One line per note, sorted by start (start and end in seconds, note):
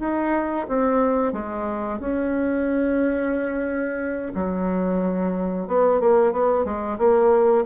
0.00 0.67 D#4
0.69 1.33 C4
1.33 2.00 G#3
2.00 4.33 C#4
4.35 5.68 F#3
5.68 6.01 B3
6.01 6.33 A#3
6.33 6.65 B3
6.65 6.98 G#3
6.99 7.65 A#3